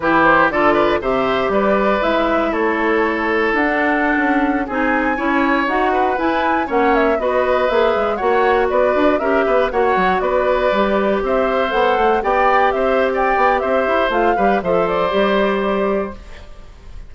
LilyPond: <<
  \new Staff \with { instrumentName = "flute" } { \time 4/4 \tempo 4 = 119 b'8 c''8 d''4 e''4 d''4 | e''4 cis''2 fis''4~ | fis''4~ fis''16 gis''2 fis''8.~ | fis''16 gis''4 fis''8 e''8 dis''4 e''8.~ |
e''16 fis''4 d''4 e''4 fis''8.~ | fis''16 d''2 e''4 fis''8.~ | fis''16 g''4 e''8. g''4 e''4 | f''4 e''8 d''2~ d''8 | }
  \new Staff \with { instrumentName = "oboe" } { \time 4/4 g'4 a'8 b'8 c''4 b'4~ | b'4 a'2.~ | a'4~ a'16 gis'4 cis''4. b'16~ | b'4~ b'16 cis''4 b'4.~ b'16~ |
b'16 cis''4 b'4 ais'8 b'8 cis''8.~ | cis''16 b'2 c''4.~ c''16~ | c''16 d''4 c''8. d''4 c''4~ | c''8 b'8 c''2. | }
  \new Staff \with { instrumentName = "clarinet" } { \time 4/4 e'4 f'4 g'2 | e'2.~ e'16 d'8.~ | d'4~ d'16 dis'4 e'4 fis'8.~ | fis'16 e'4 cis'4 fis'4 gis'8.~ |
gis'16 fis'2 g'4 fis'8.~ | fis'4~ fis'16 g'2 a'8.~ | a'16 g'2.~ g'8. | f'8 g'8 a'4 g'2 | }
  \new Staff \with { instrumentName = "bassoon" } { \time 4/4 e4 d4 c4 g4 | gis4 a2 d'4~ | d'16 cis'4 c'4 cis'4 dis'8.~ | dis'16 e'4 ais4 b4 ais8 gis16~ |
gis16 ais4 b8 d'8 cis'8 b8 ais8 fis16~ | fis16 b4 g4 c'4 b8 a16~ | a16 b4 c'4~ c'16 b8 c'8 e'8 | a8 g8 f4 g2 | }
>>